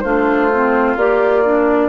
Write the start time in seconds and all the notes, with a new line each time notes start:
0.00 A3 D4 F4 C5
0.52 C4
0.96 A#3 G4 D5
1.45 D4